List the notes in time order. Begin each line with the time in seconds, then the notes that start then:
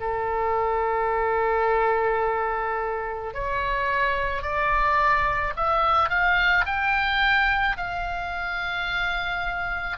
0.00 A4
3.34 C#5
4.42 D5
5.56 E5
6.09 F5
6.65 G5
7.77 F5